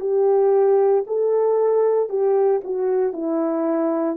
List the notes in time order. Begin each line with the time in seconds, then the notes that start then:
0.00 G4
1.06 A4
2.09 G4
2.64 F#4
3.13 E4